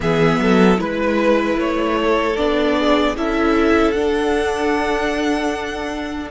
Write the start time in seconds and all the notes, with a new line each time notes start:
0.00 E3 B3 G#4 E5
0.38 F#3 A4
0.77 G#3 E4 B4
1.56 A3 C#5
2.01 A4
2.36 B3 D4 D5
2.77 G#4
3.16 C#4 E4 A4 E5
3.91 D4 F#5